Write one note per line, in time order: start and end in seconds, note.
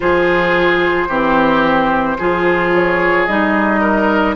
0.00 1.08 F3
0.00 1.09 F4
0.00 1.08 G#4
0.00 2.72 C5
1.08 2.17 E3
1.08 2.19 C4
1.08 2.17 G4
2.18 3.28 F3
2.18 3.28 F4
2.18 3.80 G#4
2.74 3.25 C#5
3.25 4.35 G3
3.25 4.35 D#4
3.25 4.35 D#5
3.80 4.35 A#4